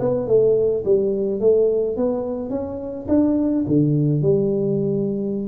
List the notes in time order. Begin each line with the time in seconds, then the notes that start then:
0.00 B3
0.27 A3
0.85 G3
1.40 A3
1.97 B3
2.50 C#4
3.08 D4
3.67 D3
4.22 G3